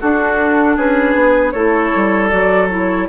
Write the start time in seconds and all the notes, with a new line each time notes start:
0.00 D4 F#4 A4
0.76 C#4 G#4 B4
1.15 B3
1.51 A3 E4 A4 C#5
1.95 G3
2.29 F#3 F#4 D5
2.69 E4 C#5